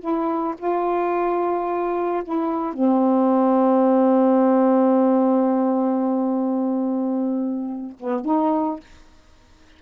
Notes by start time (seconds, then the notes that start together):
0.00 E4
0.58 F4
2.24 E4
2.73 C4
7.99 B3
8.25 D#4